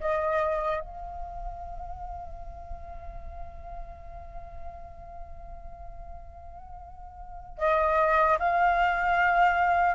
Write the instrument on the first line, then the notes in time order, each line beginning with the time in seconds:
flute
0.00 D#5
0.80 F5
7.58 D#5
8.39 F5